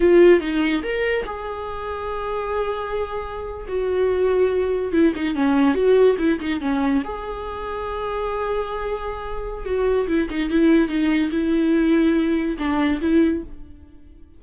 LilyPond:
\new Staff \with { instrumentName = "viola" } { \time 4/4 \tempo 4 = 143 f'4 dis'4 ais'4 gis'4~ | gis'1~ | gis'8. fis'2. e'16~ | e'16 dis'8 cis'4 fis'4 e'8 dis'8 cis'16~ |
cis'8. gis'2.~ gis'16~ | gis'2. fis'4 | e'8 dis'8 e'4 dis'4 e'4~ | e'2 d'4 e'4 | }